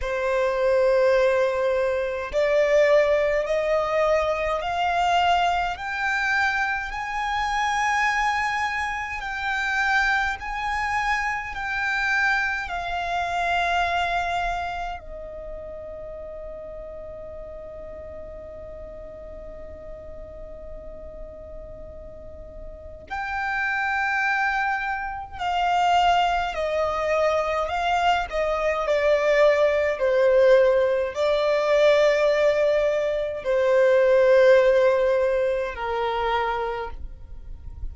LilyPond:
\new Staff \with { instrumentName = "violin" } { \time 4/4 \tempo 4 = 52 c''2 d''4 dis''4 | f''4 g''4 gis''2 | g''4 gis''4 g''4 f''4~ | f''4 dis''2.~ |
dis''1 | g''2 f''4 dis''4 | f''8 dis''8 d''4 c''4 d''4~ | d''4 c''2 ais'4 | }